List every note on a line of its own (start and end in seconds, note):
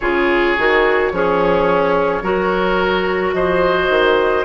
0.00 0.56 C#3
0.00 0.57 F4
0.00 1.12 G#4
0.00 3.31 C#5
0.58 1.11 D#3
0.58 1.13 F#4
1.11 2.22 F3
1.11 2.23 C#4
1.11 2.23 G#4
2.22 3.33 F#3
2.22 4.44 F#4
2.22 3.34 A#4
3.33 3.89 F3
3.33 4.44 C5
3.33 4.44 D#5
3.89 4.44 D#3